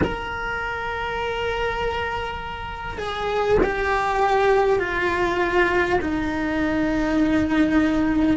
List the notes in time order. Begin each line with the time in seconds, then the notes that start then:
0.03 A#4
2.98 G#4
3.62 G4
4.79 F4
6.01 D#4